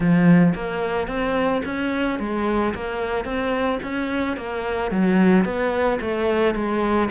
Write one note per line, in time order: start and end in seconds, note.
0.00 0.54 F3
0.55 1.07 A#3
1.07 1.62 C4
1.64 2.19 C#4
2.19 2.73 G#3
2.74 3.24 A#3
3.24 3.79 C4
3.82 4.37 C#4
4.37 4.91 A#3
4.91 5.44 F#3
5.44 5.99 B3
6.00 6.54 A3
6.54 7.09 G#3